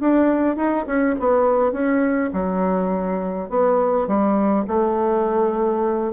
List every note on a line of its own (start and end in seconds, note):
0.00 0.56 D4
0.56 0.85 D#4
0.86 1.15 C#4
1.19 1.72 B3
1.72 2.30 C#4
2.33 3.50 F#3
3.50 4.07 B3
4.07 4.65 G3
4.67 6.13 A3